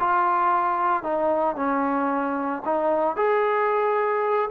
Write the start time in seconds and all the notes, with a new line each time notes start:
0.00 F4
1.03 D#4
1.56 C#4
2.65 D#4
3.16 G#4